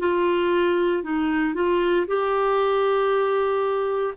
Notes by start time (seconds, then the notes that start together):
0.00 F4
1.03 D#4
1.55 F4
2.07 G4